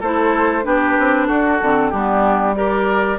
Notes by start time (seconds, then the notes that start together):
0.00 A3 E4 A4 C5
0.63 B3 D4 G4 B4
0.98 C4
1.27 D4 F#4 A4
1.62 D3 C4
1.90 G3 B3 D4 G4
2.54 G4 A#4 D5